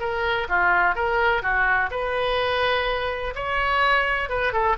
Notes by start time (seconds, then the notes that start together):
0.00 A#4
0.49 F4
0.95 A#4
1.43 F#4
1.91 B4
3.35 C#5
4.29 B4
4.53 A4